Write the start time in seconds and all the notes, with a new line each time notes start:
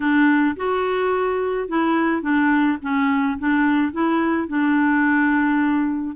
0.00 D4
0.56 F#4
1.68 E4
2.21 D4
2.82 C#4
3.38 D4
3.92 E4
4.48 D4